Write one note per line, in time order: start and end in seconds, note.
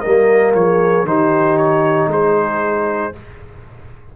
0.00 0.55 G3
0.00 1.06 A#3
0.00 0.52 A#4
0.00 0.52 D#5
0.54 1.03 F3
0.54 1.07 G#4
0.54 1.06 C#5
1.03 2.06 D#3
1.03 3.13 D#4
1.03 2.11 G4
1.03 1.57 C5
1.57 2.09 C#5
2.07 3.10 G#3
2.07 3.16 G#4
2.07 3.16 C5